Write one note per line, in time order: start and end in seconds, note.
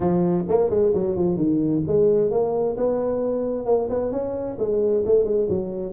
0.00 0.44 F3
0.48 0.70 A#3
0.70 0.92 G#3
0.93 1.16 F#3
1.16 1.36 F3
1.36 1.82 D#3
1.87 2.30 G#3
2.30 2.76 A#3
2.76 3.65 B3
3.65 3.88 A#3
3.89 4.11 B3
4.11 4.57 C#4
4.58 5.04 G#3
5.05 5.24 A3
5.24 5.47 G#3
5.49 5.92 F#3